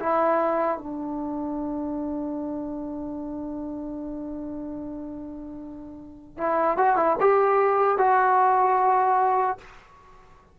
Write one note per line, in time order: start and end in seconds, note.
0.00 0.78 E4
0.78 6.38 D4
6.38 6.78 E4
6.78 6.96 F#4
6.96 7.16 E4
7.21 7.98 G4
7.98 9.58 F#4